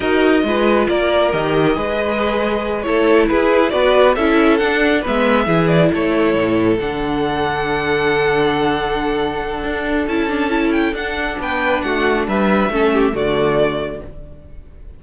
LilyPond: <<
  \new Staff \with { instrumentName = "violin" } { \time 4/4 \tempo 4 = 137 dis''2 d''4 dis''4~ | dis''2~ dis''8 cis''4 b'8~ | b'8 d''4 e''4 fis''4 e''8~ | e''4 d''8 cis''2 fis''8~ |
fis''1~ | fis''2. a''4~ | a''8 g''8 fis''4 g''4 fis''4 | e''2 d''2 | }
  \new Staff \with { instrumentName = "violin" } { \time 4/4 ais'4 b'4 ais'2 | b'2~ b'8 a'4 gis'8~ | gis'8 b'4 a'2 b'8~ | b'8 gis'4 a'2~ a'8~ |
a'1~ | a'1~ | a'2 b'4 fis'4 | b'4 a'8 g'8 fis'2 | }
  \new Staff \with { instrumentName = "viola" } { \time 4/4 fis'4 f'2 g'4 | gis'2~ gis'8 e'4.~ | e'8 fis'4 e'4 d'4 b8~ | b8 e'2. d'8~ |
d'1~ | d'2. e'8 d'8 | e'4 d'2.~ | d'4 cis'4 a2 | }
  \new Staff \with { instrumentName = "cello" } { \time 4/4 dis'4 gis4 ais4 dis4 | gis2~ gis8 a4 e'8~ | e'8 b4 cis'4 d'4 gis8~ | gis8 e4 a4 a,4 d8~ |
d1~ | d2 d'4 cis'4~ | cis'4 d'4 b4 a4 | g4 a4 d2 | }
>>